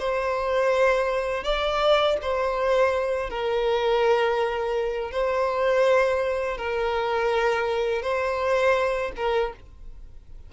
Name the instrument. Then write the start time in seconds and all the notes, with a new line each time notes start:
violin
0.00 C5
1.44 D5
2.22 C5
3.30 A#4
5.12 C5
6.58 A#4
8.03 C5
9.17 A#4